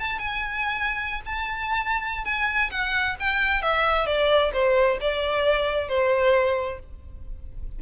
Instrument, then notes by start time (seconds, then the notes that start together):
violin
0.00 A5
0.19 G#5
1.26 A5
2.25 G#5
2.71 F#5
3.20 G5
3.62 E5
4.07 D5
4.54 C5
5.01 D5
5.89 C5